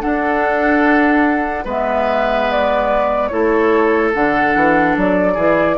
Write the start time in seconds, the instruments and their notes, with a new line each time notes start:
0.00 clarinet D4, bassoon D4, oboe A4, flute F#5
1.65 bassoon G#3, clarinet B3, oboe B4, flute E5
2.52 flute D5
3.28 bassoon A3, clarinet E4, oboe A4, flute C#5
4.15 bassoon D3, clarinet D4, flute F#5
4.56 bassoon E3
4.97 bassoon F#3, flute D5
5.34 bassoon E3, clarinet E4, oboe G#4